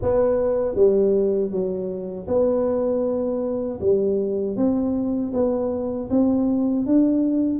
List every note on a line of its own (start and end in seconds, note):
0.01 0.75 B3
0.75 1.50 G3
1.50 2.26 F#3
2.27 3.79 B3
3.80 4.56 G3
4.56 5.32 C4
5.33 6.09 B3
6.10 6.86 C4
6.86 7.59 D4